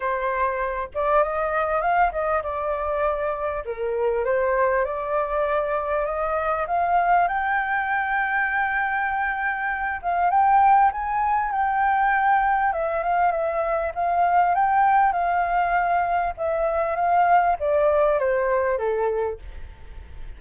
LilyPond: \new Staff \with { instrumentName = "flute" } { \time 4/4 \tempo 4 = 99 c''4. d''8 dis''4 f''8 dis''8 | d''2 ais'4 c''4 | d''2 dis''4 f''4 | g''1~ |
g''8 f''8 g''4 gis''4 g''4~ | g''4 e''8 f''8 e''4 f''4 | g''4 f''2 e''4 | f''4 d''4 c''4 a'4 | }